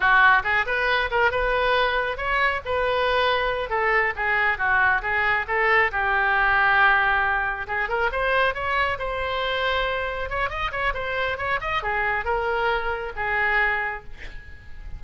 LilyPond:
\new Staff \with { instrumentName = "oboe" } { \time 4/4 \tempo 4 = 137 fis'4 gis'8 b'4 ais'8 b'4~ | b'4 cis''4 b'2~ | b'8 a'4 gis'4 fis'4 gis'8~ | gis'8 a'4 g'2~ g'8~ |
g'4. gis'8 ais'8 c''4 cis''8~ | cis''8 c''2. cis''8 | dis''8 cis''8 c''4 cis''8 dis''8 gis'4 | ais'2 gis'2 | }